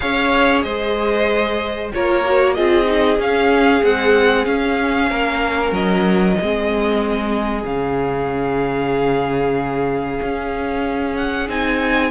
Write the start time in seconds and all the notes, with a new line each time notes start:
0.00 C#4 G#4 C#5 F5
0.62 G#3 C5 D#5
1.92 A#3 F4 A#4 C#5
2.25 F#4
2.54 C4 F4 G#4 D#5
2.85 D#4
3.18 C#4 F5
3.83 G#3 C4 F#5
4.45 C#4 F5
5.09 A#3 A#4
5.72 F#3 D#5
6.41 G#3 C4 G#4
7.63 C#3 C#4 F5
10.21 C#4
11.16 F#5
11.48 C4 D#4 G#5